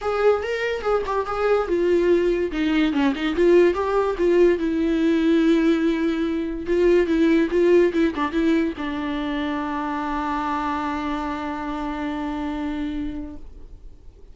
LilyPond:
\new Staff \with { instrumentName = "viola" } { \time 4/4 \tempo 4 = 144 gis'4 ais'4 gis'8 g'8 gis'4 | f'2 dis'4 cis'8 dis'8 | f'4 g'4 f'4 e'4~ | e'1 |
f'4 e'4 f'4 e'8 d'8 | e'4 d'2.~ | d'1~ | d'1 | }